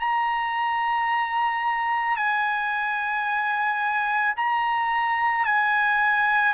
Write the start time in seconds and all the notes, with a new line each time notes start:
0.00 A#5
2.17 G#5
4.37 A#5
5.46 G#5